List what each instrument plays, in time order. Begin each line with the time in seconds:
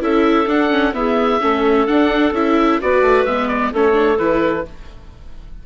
0.00 bassoon C#4, viola E4, clarinet A4, oboe E5
0.47 bassoon D4, viola D4, oboe F#5
0.70 viola C#4
0.93 viola B3, bassoon E4, clarinet G#4, oboe E5
1.41 bassoon A3, viola C#4, clarinet A4
1.87 bassoon D4, viola D4, oboe F#5
2.32 bassoon C#4, viola E4, oboe E5
2.81 bassoon B3, viola F#4, clarinet B4, oboe D5
3.02 bassoon A3
3.25 bassoon G#3, viola B3, oboe E5
3.48 oboe D5
3.72 bassoon A3, viola C#4, clarinet A4, oboe C#5
3.93 viola D4
4.19 bassoon E3, viola E4, oboe B4